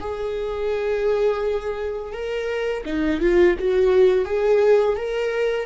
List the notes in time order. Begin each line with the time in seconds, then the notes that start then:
0.00 G#4
2.12 A#4
2.85 D#4
3.20 F4
3.59 F#4
4.25 G#4
4.96 A#4